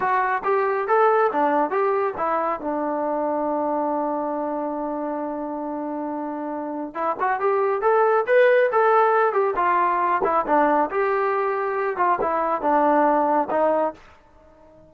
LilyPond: \new Staff \with { instrumentName = "trombone" } { \time 4/4 \tempo 4 = 138 fis'4 g'4 a'4 d'4 | g'4 e'4 d'2~ | d'1~ | d'1 |
e'8 fis'8 g'4 a'4 b'4 | a'4. g'8 f'4. e'8 | d'4 g'2~ g'8 f'8 | e'4 d'2 dis'4 | }